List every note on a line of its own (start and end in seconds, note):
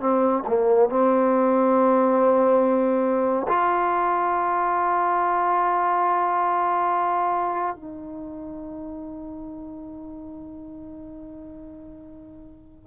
0.00 0.43 C4
0.47 0.90 A#3
0.90 3.47 C4
3.48 7.75 F4
7.75 12.87 D#4